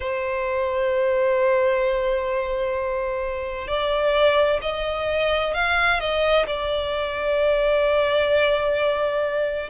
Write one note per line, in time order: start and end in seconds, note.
0.00 3.67 C5
3.67 4.59 D5
4.61 5.53 D#5
5.54 6.00 F5
6.00 6.46 D#5
6.47 9.70 D5